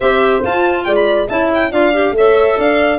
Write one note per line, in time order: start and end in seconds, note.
0.00 0.43 C4
0.00 0.42 G4
0.00 0.85 C5
0.00 0.43 E5
0.42 1.27 F4
0.42 0.86 F4
0.42 0.84 A5
0.84 1.28 G#3
0.84 1.28 D5
0.84 0.94 G5
0.95 1.27 B5
1.28 1.71 C#4
1.28 1.71 E4
1.28 1.71 E5
1.28 1.50 A5
1.54 1.72 G5
1.71 2.11 D4
1.71 1.93 F4
1.71 2.15 D5
1.71 2.14 F5
1.93 2.14 G4
2.11 2.54 A3
2.11 2.99 A4
2.11 2.58 C#5
2.11 2.60 E5
2.57 2.99 D4
2.57 2.99 D5
2.57 2.99 F5